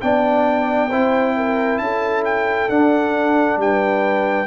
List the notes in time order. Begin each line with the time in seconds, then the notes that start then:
0.00 B3 D4 D5 G5
0.89 C4 E4 C5
1.36 A#4
1.78 C#4 A4 A5
2.24 G5
2.68 D4 F#5
3.56 G3 G5
3.63 B4